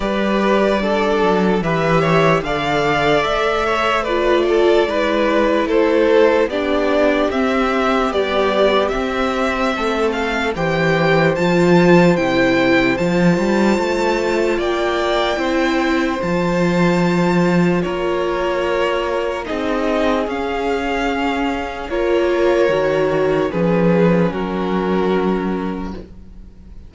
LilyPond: <<
  \new Staff \with { instrumentName = "violin" } { \time 4/4 \tempo 4 = 74 d''2 e''4 f''4 | e''4 d''2 c''4 | d''4 e''4 d''4 e''4~ | e''8 f''8 g''4 a''4 g''4 |
a''2 g''2 | a''2 cis''2 | dis''4 f''2 cis''4~ | cis''4 b'4 ais'2 | }
  \new Staff \with { instrumentName = "violin" } { \time 4/4 b'4 a'4 b'8 cis''8 d''4~ | d''8 cis''8 b'8 a'8 b'4 a'4 | g'1 | a'4 c''2.~ |
c''2 d''4 c''4~ | c''2 ais'2 | gis'2. ais'4~ | ais'4 gis'4 fis'2 | }
  \new Staff \with { instrumentName = "viola" } { \time 4/4 g'4 d'4 g'4 a'4~ | a'4 f'4 e'2 | d'4 c'4 g4 c'4~ | c'4 g'4 f'4 e'4 |
f'2. e'4 | f'1 | dis'4 cis'2 f'4 | fis'4 cis'2. | }
  \new Staff \with { instrumentName = "cello" } { \time 4/4 g4. fis8 e4 d4 | a2 gis4 a4 | b4 c'4 b4 c'4 | a4 e4 f4 c4 |
f8 g8 a4 ais4 c'4 | f2 ais2 | c'4 cis'2 ais4 | dis4 f4 fis2 | }
>>